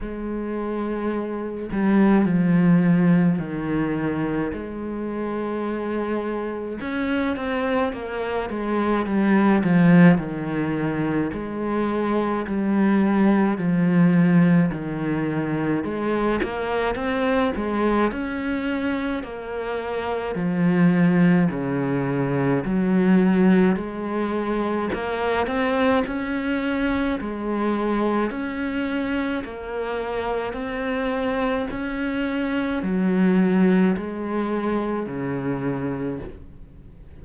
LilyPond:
\new Staff \with { instrumentName = "cello" } { \time 4/4 \tempo 4 = 53 gis4. g8 f4 dis4 | gis2 cis'8 c'8 ais8 gis8 | g8 f8 dis4 gis4 g4 | f4 dis4 gis8 ais8 c'8 gis8 |
cis'4 ais4 f4 cis4 | fis4 gis4 ais8 c'8 cis'4 | gis4 cis'4 ais4 c'4 | cis'4 fis4 gis4 cis4 | }